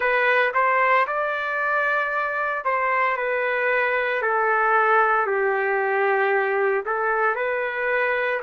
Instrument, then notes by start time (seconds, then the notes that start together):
trumpet
0.00 B4
0.54 C5
1.06 D5
2.65 C5
3.16 B4
4.22 A4
5.26 G4
6.85 A4
7.35 B4